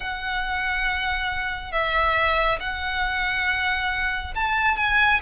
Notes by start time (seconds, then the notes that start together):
0.00 F#5
1.72 E5
2.60 F#5
4.35 A5
4.76 G#5